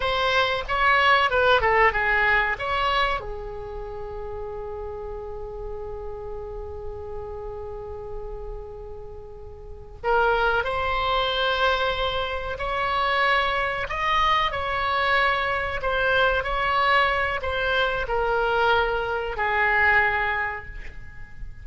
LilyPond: \new Staff \with { instrumentName = "oboe" } { \time 4/4 \tempo 4 = 93 c''4 cis''4 b'8 a'8 gis'4 | cis''4 gis'2.~ | gis'1~ | gis'2.~ gis'8 ais'8~ |
ais'8 c''2. cis''8~ | cis''4. dis''4 cis''4.~ | cis''8 c''4 cis''4. c''4 | ais'2 gis'2 | }